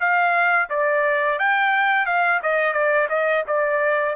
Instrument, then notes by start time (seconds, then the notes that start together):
trumpet
0.00 F5
0.70 D5
1.39 G5
2.06 F5
2.42 D#5
2.73 D5
3.09 D#5
3.47 D5